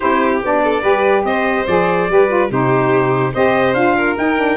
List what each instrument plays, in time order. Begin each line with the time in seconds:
0.00 tuba C4, saxophone E4, violin G4, trumpet C5
0.44 tuba B3, saxophone D4, trumpet D5
0.63 violin A4
0.81 tuba G3, saxophone G4, violin B4
1.24 tuba C4, violin C5, trumpet D#5
1.66 tuba F3, saxophone G#4, trumpet D5
2.08 tuba G3, saxophone G4, violin B4
2.28 saxophone F4
2.50 tuba C3, saxophone D#4, violin G4, trumpet C5
3.33 tuba C4, saxophone G4, violin C5, trumpet D#5
3.73 tuba D4, saxophone F4, trumpet F5
3.97 violin A#4
4.17 saxophone D#4, tuba D#4, trumpet G5
4.36 saxophone D4